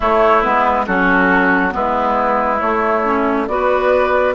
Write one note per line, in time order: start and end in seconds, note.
0.00 0.42 A3
0.00 0.44 A3
0.00 0.85 E4
0.00 0.41 C#5
0.41 0.87 G#3
0.41 0.86 B3
0.41 0.85 B4
0.86 1.74 F#3
0.86 1.70 C#4
0.86 1.73 F#4
0.86 1.73 A4
1.70 2.61 G#3
1.70 2.57 B3
1.70 3.48 E4
1.70 2.59 B4
2.59 3.02 A3
2.59 3.47 A3
2.59 3.46 C#5
3.04 3.47 C#4
3.47 4.34 B3
3.47 4.34 F#4
3.47 4.34 B4
3.47 4.34 D5